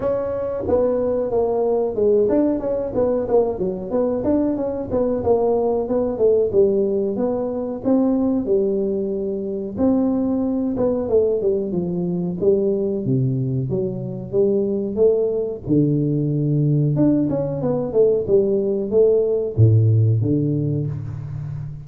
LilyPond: \new Staff \with { instrumentName = "tuba" } { \time 4/4 \tempo 4 = 92 cis'4 b4 ais4 gis8 d'8 | cis'8 b8 ais8 fis8 b8 d'8 cis'8 b8 | ais4 b8 a8 g4 b4 | c'4 g2 c'4~ |
c'8 b8 a8 g8 f4 g4 | c4 fis4 g4 a4 | d2 d'8 cis'8 b8 a8 | g4 a4 a,4 d4 | }